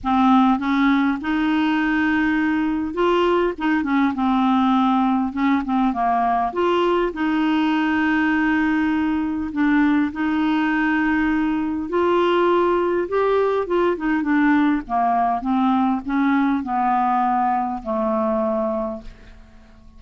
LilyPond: \new Staff \with { instrumentName = "clarinet" } { \time 4/4 \tempo 4 = 101 c'4 cis'4 dis'2~ | dis'4 f'4 dis'8 cis'8 c'4~ | c'4 cis'8 c'8 ais4 f'4 | dis'1 |
d'4 dis'2. | f'2 g'4 f'8 dis'8 | d'4 ais4 c'4 cis'4 | b2 a2 | }